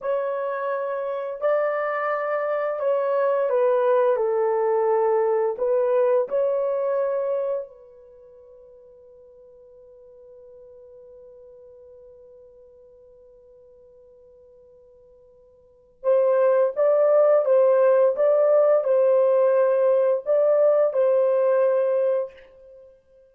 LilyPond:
\new Staff \with { instrumentName = "horn" } { \time 4/4 \tempo 4 = 86 cis''2 d''2 | cis''4 b'4 a'2 | b'4 cis''2 b'4~ | b'1~ |
b'1~ | b'2. c''4 | d''4 c''4 d''4 c''4~ | c''4 d''4 c''2 | }